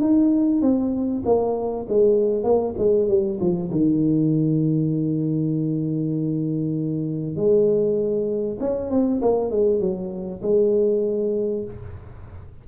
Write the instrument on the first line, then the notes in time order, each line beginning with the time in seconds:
tuba
0.00 D#4
0.61 C4
1.25 A#3
1.88 G#3
2.43 A#3
2.77 G#3
3.08 G3
3.40 F3
3.70 D#3
7.36 G#3
8.60 C#4
8.90 C4
9.21 A#3
9.50 G#3
9.80 F#3
10.42 G#3